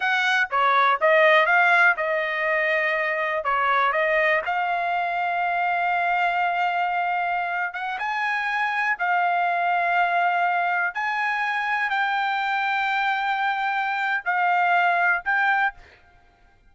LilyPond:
\new Staff \with { instrumentName = "trumpet" } { \time 4/4 \tempo 4 = 122 fis''4 cis''4 dis''4 f''4 | dis''2. cis''4 | dis''4 f''2.~ | f''2.~ f''8. fis''16~ |
fis''16 gis''2 f''4.~ f''16~ | f''2~ f''16 gis''4.~ gis''16~ | gis''16 g''2.~ g''8.~ | g''4 f''2 g''4 | }